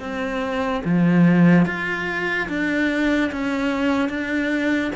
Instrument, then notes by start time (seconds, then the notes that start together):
cello
0.00 C4
0.84 F3
1.66 F4
2.49 D4
3.32 C#4
4.09 D4